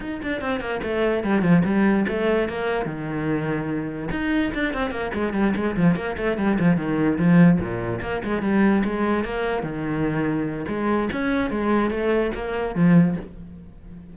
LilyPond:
\new Staff \with { instrumentName = "cello" } { \time 4/4 \tempo 4 = 146 dis'8 d'8 c'8 ais8 a4 g8 f8 | g4 a4 ais4 dis4~ | dis2 dis'4 d'8 c'8 | ais8 gis8 g8 gis8 f8 ais8 a8 g8 |
f8 dis4 f4 ais,4 ais8 | gis8 g4 gis4 ais4 dis8~ | dis2 gis4 cis'4 | gis4 a4 ais4 f4 | }